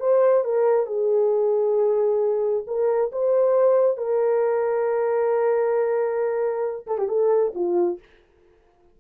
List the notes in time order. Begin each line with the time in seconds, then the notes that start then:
0.00 C5
0.44 A#4
0.87 G#4
2.67 A#4
3.12 C5
3.97 A#4
6.87 A4
6.98 G4
7.09 A4
7.55 F4